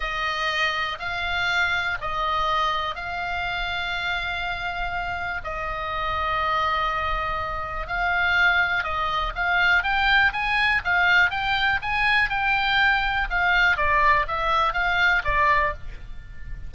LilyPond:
\new Staff \with { instrumentName = "oboe" } { \time 4/4 \tempo 4 = 122 dis''2 f''2 | dis''2 f''2~ | f''2. dis''4~ | dis''1 |
f''2 dis''4 f''4 | g''4 gis''4 f''4 g''4 | gis''4 g''2 f''4 | d''4 e''4 f''4 d''4 | }